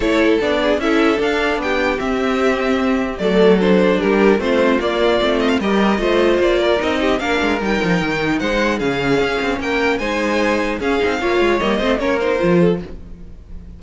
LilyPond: <<
  \new Staff \with { instrumentName = "violin" } { \time 4/4 \tempo 4 = 150 cis''4 d''4 e''4 f''4 | g''4 e''2. | d''4 c''4 ais'4 c''4 | d''4. dis''16 f''16 dis''2 |
d''4 dis''4 f''4 g''4~ | g''4 fis''4 f''2 | g''4 gis''2 f''4~ | f''4 dis''4 cis''8 c''4. | }
  \new Staff \with { instrumentName = "violin" } { \time 4/4 a'4. gis'8 a'2 | g'1 | a'2 g'4 f'4~ | f'2 ais'4 c''4~ |
c''8 ais'4 g'8 ais'2~ | ais'4 c''4 gis'2 | ais'4 c''2 gis'4 | cis''4. c''8 ais'4. a'8 | }
  \new Staff \with { instrumentName = "viola" } { \time 4/4 e'4 d'4 e'4 d'4~ | d'4 c'2. | a4 d'2 c'4 | ais4 c'4 g'4 f'4~ |
f'4 dis'4 d'4 dis'4~ | dis'2 cis'2~ | cis'4 dis'2 cis'8 dis'8 | f'4 ais8 c'8 cis'8 dis'8 f'4 | }
  \new Staff \with { instrumentName = "cello" } { \time 4/4 a4 b4 cis'4 d'4 | b4 c'2. | fis2 g4 a4 | ais4 a4 g4 a4 |
ais4 c'4 ais8 gis8 g8 f8 | dis4 gis4 cis4 cis'8 c'8 | ais4 gis2 cis'8 c'8 | ais8 gis8 g8 a8 ais4 f4 | }
>>